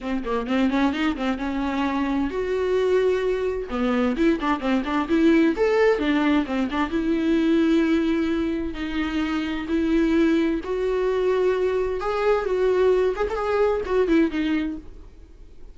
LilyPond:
\new Staff \with { instrumentName = "viola" } { \time 4/4 \tempo 4 = 130 c'8 ais8 c'8 cis'8 dis'8 c'8 cis'4~ | cis'4 fis'2. | b4 e'8 d'8 c'8 d'8 e'4 | a'4 d'4 c'8 d'8 e'4~ |
e'2. dis'4~ | dis'4 e'2 fis'4~ | fis'2 gis'4 fis'4~ | fis'8 gis'16 a'16 gis'4 fis'8 e'8 dis'4 | }